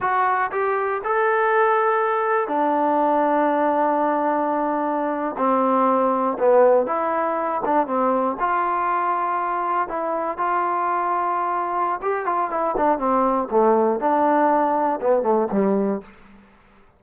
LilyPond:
\new Staff \with { instrumentName = "trombone" } { \time 4/4 \tempo 4 = 120 fis'4 g'4 a'2~ | a'4 d'2.~ | d'2~ d'8. c'4~ c'16~ | c'8. b4 e'4. d'8 c'16~ |
c'8. f'2. e'16~ | e'8. f'2.~ f'16 | g'8 f'8 e'8 d'8 c'4 a4 | d'2 b8 a8 g4 | }